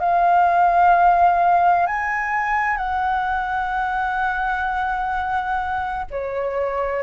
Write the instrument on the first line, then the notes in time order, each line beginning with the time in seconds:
flute
0.00 F5
1.87 G#5
2.77 F#5
6.11 C#5